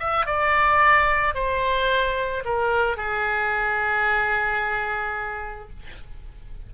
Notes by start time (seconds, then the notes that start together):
0.00 E5
0.26 D5
1.35 C5
2.45 A#4
2.98 G#4